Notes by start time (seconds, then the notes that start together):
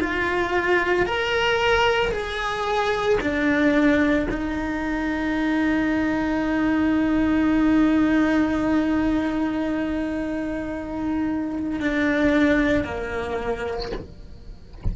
0.00 F4
1.06 A#4
2.11 G#4
3.20 D4
4.30 D#4
11.80 D4
12.84 A#3